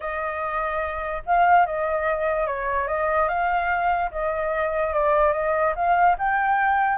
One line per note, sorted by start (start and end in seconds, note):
0.00 1.22 D#5
1.26 1.66 F5
1.66 2.46 D#5
2.46 2.87 C#5
2.87 3.28 D#5
3.28 4.10 F5
4.11 4.93 D#5
4.93 5.33 D5
5.33 5.74 D#5
5.75 6.16 F5
6.18 6.98 G5